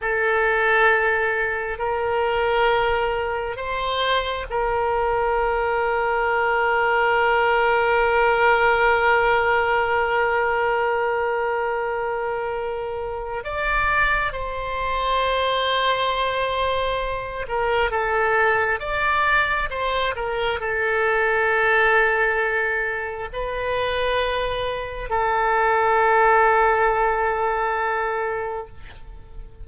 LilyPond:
\new Staff \with { instrumentName = "oboe" } { \time 4/4 \tempo 4 = 67 a'2 ais'2 | c''4 ais'2.~ | ais'1~ | ais'2. d''4 |
c''2.~ c''8 ais'8 | a'4 d''4 c''8 ais'8 a'4~ | a'2 b'2 | a'1 | }